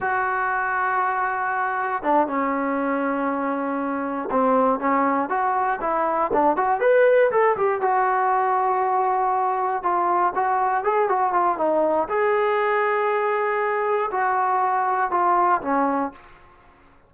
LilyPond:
\new Staff \with { instrumentName = "trombone" } { \time 4/4 \tempo 4 = 119 fis'1 | d'8 cis'2.~ cis'8~ | cis'8 c'4 cis'4 fis'4 e'8~ | e'8 d'8 fis'8 b'4 a'8 g'8 fis'8~ |
fis'2.~ fis'8 f'8~ | f'8 fis'4 gis'8 fis'8 f'8 dis'4 | gis'1 | fis'2 f'4 cis'4 | }